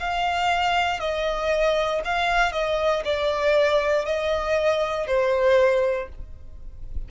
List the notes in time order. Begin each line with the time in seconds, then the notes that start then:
0.00 F5
1.00 D#5
2.05 F5
2.52 D#5
3.05 D5
4.05 D#5
5.07 C5